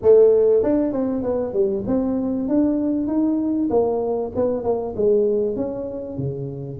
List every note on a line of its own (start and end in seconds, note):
0.02 0.63 A3
0.63 0.92 D4
0.92 1.22 C4
1.22 1.53 B3
1.53 1.84 G3
1.86 2.48 C4
2.48 3.07 D4
3.07 3.69 D#4
3.70 4.32 A#3
4.35 4.63 B3
4.63 4.94 A#3
4.96 5.56 G#3
5.56 6.17 C#4
6.17 6.79 C#3